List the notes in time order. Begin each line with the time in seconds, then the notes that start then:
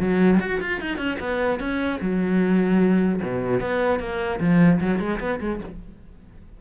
0.00 F#3
0.40 F#4
0.61 F4
0.81 D#4
0.98 C#4
1.20 B3
1.60 C#4
2.01 F#3
3.23 B2
3.61 B3
4.00 A#3
4.40 F3
4.81 F#3
5.00 G#3
5.20 B3
5.41 G#3